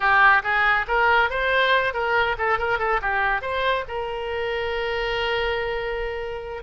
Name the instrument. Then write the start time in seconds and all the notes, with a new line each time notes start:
oboe
0.00 G4
0.43 G#4
0.87 A#4
1.30 C5
1.93 A#4
2.37 A4
2.58 A#4
2.79 A4
3.01 G4
3.41 C5
3.88 A#4